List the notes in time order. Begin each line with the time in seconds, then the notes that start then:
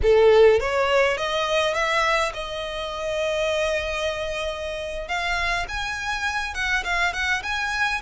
0.02 A4
0.60 C#5
1.17 D#5
1.74 E5
2.33 D#5
5.08 F5
5.68 G#5
6.54 F#5
6.83 F5
7.13 F#5
7.42 G#5